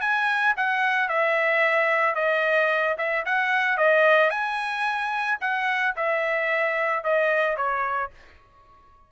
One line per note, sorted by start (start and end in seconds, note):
0.00 0.54 G#5
0.56 1.08 F#5
1.08 2.15 E5
2.15 2.96 D#5
2.97 3.24 E5
3.25 3.77 F#5
3.77 4.30 D#5
4.30 5.38 G#5
5.41 5.95 F#5
5.96 7.03 E5
7.03 7.57 D#5
7.57 8.11 C#5